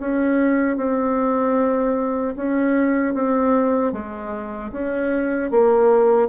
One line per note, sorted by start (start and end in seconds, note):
0.00 0.77 C#4
0.77 2.35 C4
2.36 3.14 C#4
3.14 3.93 C4
3.93 4.72 G#3
4.72 5.50 C#4
5.50 6.28 A#3